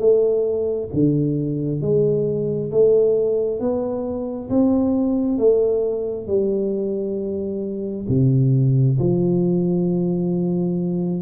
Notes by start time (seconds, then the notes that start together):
0.00 A3
0.94 D3
1.82 G#3
2.72 A3
3.60 B3
4.50 C4
5.38 A3
6.27 G3
8.09 C3
9.00 F3